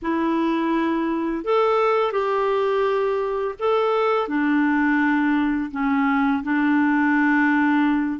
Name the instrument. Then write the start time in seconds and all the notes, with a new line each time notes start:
clarinet
0.02 E4
1.44 A4
2.11 G4
3.59 A4
4.28 D4
5.71 C#4
6.43 D4